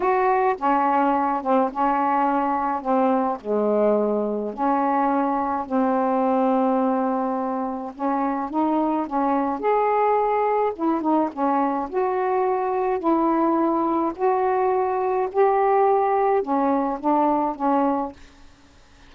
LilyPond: \new Staff \with { instrumentName = "saxophone" } { \time 4/4 \tempo 4 = 106 fis'4 cis'4. c'8 cis'4~ | cis'4 c'4 gis2 | cis'2 c'2~ | c'2 cis'4 dis'4 |
cis'4 gis'2 e'8 dis'8 | cis'4 fis'2 e'4~ | e'4 fis'2 g'4~ | g'4 cis'4 d'4 cis'4 | }